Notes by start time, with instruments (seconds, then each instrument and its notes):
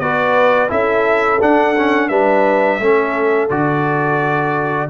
0.00 tuba B3, trombone F#4, horn B4, trumpet D5
0.69 tuba C#4, trombone E4, horn A4, trumpet E5
1.41 trombone D4, tuba D4, trumpet F#5
1.77 trombone C#4
2.09 tuba G3, trombone D4, horn B4, trumpet E5
2.79 tuba A3, trombone C#4, horn A4
3.50 tuba D3, trombone F#4, trumpet D5